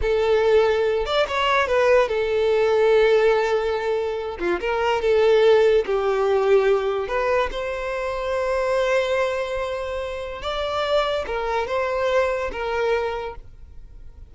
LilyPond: \new Staff \with { instrumentName = "violin" } { \time 4/4 \tempo 4 = 144 a'2~ a'8 d''8 cis''4 | b'4 a'2.~ | a'2~ a'8 f'8 ais'4 | a'2 g'2~ |
g'4 b'4 c''2~ | c''1~ | c''4 d''2 ais'4 | c''2 ais'2 | }